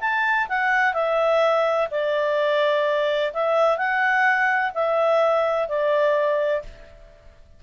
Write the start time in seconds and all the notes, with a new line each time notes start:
0.00 A5
0.48 F#5
0.93 E5
1.90 D5
3.33 E5
3.77 F#5
4.74 E5
5.68 D5